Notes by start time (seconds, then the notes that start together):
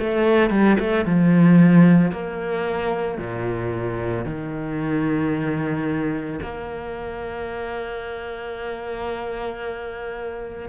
0.00 A3
0.51 G3
0.80 A3
1.06 F3
2.12 A#3
3.19 A#2
4.26 D#3
6.42 A#3